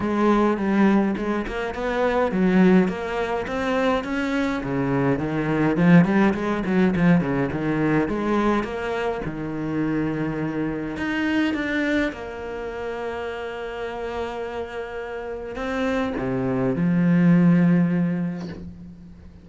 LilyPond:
\new Staff \with { instrumentName = "cello" } { \time 4/4 \tempo 4 = 104 gis4 g4 gis8 ais8 b4 | fis4 ais4 c'4 cis'4 | cis4 dis4 f8 g8 gis8 fis8 | f8 cis8 dis4 gis4 ais4 |
dis2. dis'4 | d'4 ais2.~ | ais2. c'4 | c4 f2. | }